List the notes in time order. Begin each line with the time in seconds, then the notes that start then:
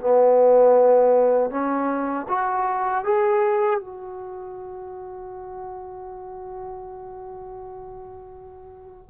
0.00 B3
1.51 C#4
2.29 F#4
3.04 G#4
3.80 F#4